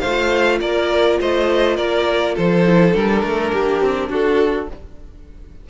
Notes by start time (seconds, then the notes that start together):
0.00 A3 C5 F5
0.06 F4
0.61 A#3 A#4 D5
1.20 A3 C5 D#5
1.77 A#3 A#4 D5
2.35 F3 A4 C5
2.65 E4
2.92 G3 D4 A#4
3.23 A3
3.52 A#3 G4
3.82 C4
4.09 D4 F#4 A4